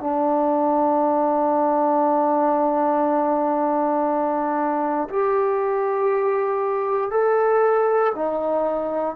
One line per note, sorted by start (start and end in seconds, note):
0.00 5.08 D4
5.09 7.10 G4
7.10 8.12 A4
8.15 9.15 D#4